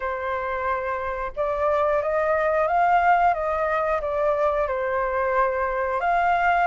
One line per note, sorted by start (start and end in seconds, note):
0.00 1.32 C5
1.36 2.02 D5
2.02 2.67 D#5
2.67 3.34 F5
3.34 4.00 D#5
4.01 4.67 D5
4.67 6.00 C5
6.00 6.67 F5